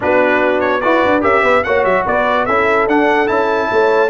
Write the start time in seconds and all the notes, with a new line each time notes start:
0.00 B3 D4 F#4 B4
0.60 C#5
0.80 E4 F#4 B4 D5
1.05 D4
1.20 C#4 G4 A#4 E5
1.43 B3 B4
1.63 A#3 F#4 C#5 F#5
1.84 F#3 E5
2.06 B3 B4 D5
2.45 C#4 E4 A4 E5
2.87 D4 F#5
3.26 C#4 E4 A5
3.71 A3 C#5